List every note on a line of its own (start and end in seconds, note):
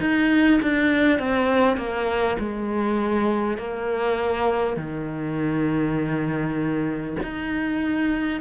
0.00 0.60 D#4
0.62 1.19 D4
1.19 1.77 C4
1.77 2.37 A#3
2.39 3.57 G#3
3.57 4.77 A#3
4.77 7.17 D#3
7.23 8.41 D#4